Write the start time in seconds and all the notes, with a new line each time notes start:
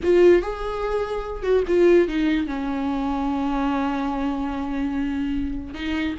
0.03 F4
0.41 G#4
1.42 F#4
1.67 F4
2.08 D#4
2.46 C#4
5.73 D#4